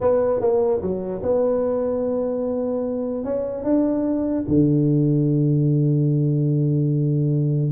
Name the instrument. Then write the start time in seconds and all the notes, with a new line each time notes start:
tuba
0.01 B3
0.40 A#3
0.81 F#3
1.22 B3
3.24 C#4
3.63 D4
4.47 D3